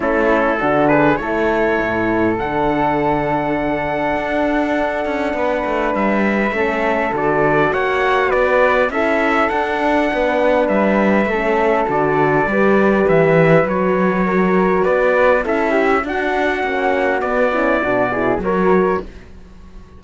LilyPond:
<<
  \new Staff \with { instrumentName = "trumpet" } { \time 4/4 \tempo 4 = 101 a'4. b'8 cis''2 | fis''1~ | fis''2 e''2 | d''4 fis''4 d''4 e''4 |
fis''2 e''2 | d''2 e''4 cis''4~ | cis''4 d''4 e''4 fis''4~ | fis''4 d''2 cis''4 | }
  \new Staff \with { instrumentName = "flute" } { \time 4/4 e'4 fis'8 gis'8 a'2~ | a'1~ | a'4 b'2 a'4~ | a'4 cis''4 b'4 a'4~ |
a'4 b'2 a'4~ | a'4 b'2. | ais'4 b'4 a'8 g'8 fis'4~ | fis'4. e'8 fis'8 gis'8 ais'4 | }
  \new Staff \with { instrumentName = "horn" } { \time 4/4 cis'4 d'4 e'2 | d'1~ | d'2. cis'4 | fis'2. e'4 |
d'2. cis'4 | fis'4 g'2 fis'4~ | fis'2 e'4 d'4 | cis'4 b8 cis'8 d'8 e'8 fis'4 | }
  \new Staff \with { instrumentName = "cello" } { \time 4/4 a4 d4 a4 a,4 | d2. d'4~ | d'8 cis'8 b8 a8 g4 a4 | d4 ais4 b4 cis'4 |
d'4 b4 g4 a4 | d4 g4 e4 fis4~ | fis4 b4 cis'4 d'4 | ais4 b4 b,4 fis4 | }
>>